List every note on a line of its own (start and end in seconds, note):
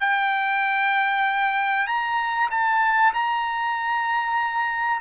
0.00 1.87 G5
1.87 2.49 A#5
2.51 3.13 A5
3.14 5.01 A#5